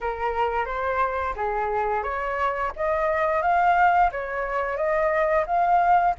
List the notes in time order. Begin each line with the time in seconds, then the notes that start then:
0.00 A#4
0.65 C5
1.35 G#4
2.03 C#5
2.76 D#5
3.42 F5
4.11 C#5
4.76 D#5
5.46 F5